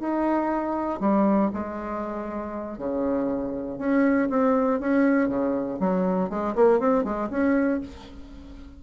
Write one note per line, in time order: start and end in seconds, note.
0.00 1.00 D#4
1.00 1.51 G3
1.54 2.78 G#3
2.78 3.79 C#3
3.79 4.29 C#4
4.30 4.80 C4
4.80 5.29 C#4
5.29 5.79 C#3
5.80 6.30 F#3
6.30 6.55 G#3
6.56 6.80 A#3
6.80 7.05 C4
7.05 7.30 G#3
7.30 7.81 C#4